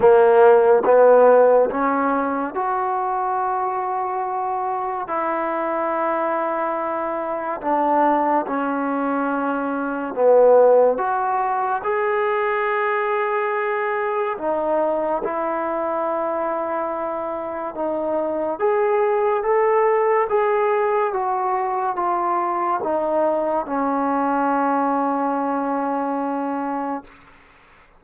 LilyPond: \new Staff \with { instrumentName = "trombone" } { \time 4/4 \tempo 4 = 71 ais4 b4 cis'4 fis'4~ | fis'2 e'2~ | e'4 d'4 cis'2 | b4 fis'4 gis'2~ |
gis'4 dis'4 e'2~ | e'4 dis'4 gis'4 a'4 | gis'4 fis'4 f'4 dis'4 | cis'1 | }